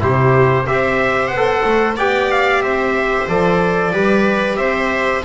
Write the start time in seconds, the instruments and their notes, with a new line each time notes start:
0.00 double bass C3, trombone E4, viola G4, trumpet C5
0.66 double bass C4, trombone G4, viola C5, trumpet E5
1.28 double bass B3, trumpet F#5
1.37 trombone A4
1.65 double bass A3
1.97 double bass B3, trombone G4, viola D5, trumpet G5
2.32 trumpet F5
2.61 double bass C4, viola C5, trumpet E5
3.28 double bass F3, trombone A4, trumpet D5
3.93 double bass G3, trombone G4, viola B4
4.57 double bass C4, viola C5, trumpet E5